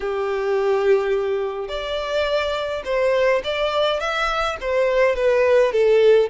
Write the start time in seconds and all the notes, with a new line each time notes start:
0.00 G4
1.68 D5
2.84 C5
3.44 D5
3.99 E5
4.61 C5
5.15 B4
5.72 A4